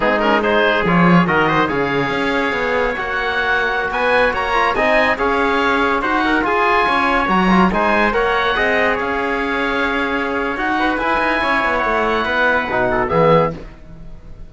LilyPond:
<<
  \new Staff \with { instrumentName = "oboe" } { \time 4/4 \tempo 4 = 142 gis'8 ais'8 c''4 cis''4 dis''4 | f''2. fis''4~ | fis''4~ fis''16 gis''4 ais''4 gis''8.~ | gis''16 f''2 fis''4 gis''8.~ |
gis''4~ gis''16 ais''4 gis''4 fis''8.~ | fis''4~ fis''16 f''2~ f''8.~ | f''4 fis''4 gis''2 | fis''2. e''4 | }
  \new Staff \with { instrumentName = "trumpet" } { \time 4/4 dis'4 gis'2 ais'8 c''8 | cis''1~ | cis''4~ cis''16 b'4 cis''4 dis''8.~ | dis''16 cis''2 c''8 ais'8 gis'8.~ |
gis'16 cis''2 c''4 cis''8.~ | cis''16 dis''4 cis''2~ cis''8.~ | cis''4. b'4. cis''4~ | cis''4 b'4. a'8 gis'4 | }
  \new Staff \with { instrumentName = "trombone" } { \time 4/4 c'8 cis'8 dis'4 f'4 fis'4 | gis'2. fis'4~ | fis'2~ fis'8. f'8 dis'8.~ | dis'16 gis'2 fis'4 f'8.~ |
f'4~ f'16 fis'8 f'8 dis'4 ais'8.~ | ais'16 gis'2.~ gis'8.~ | gis'4 fis'4 e'2~ | e'2 dis'4 b4 | }
  \new Staff \with { instrumentName = "cello" } { \time 4/4 gis2 f4 dis4 | cis4 cis'4 b4 ais4~ | ais4~ ais16 b4 ais4 c'8.~ | c'16 cis'2 dis'4 f'8.~ |
f'16 cis'4 fis4 gis4 ais8.~ | ais16 c'4 cis'2~ cis'8.~ | cis'4 dis'4 e'8 dis'8 cis'8 b8 | a4 b4 b,4 e4 | }
>>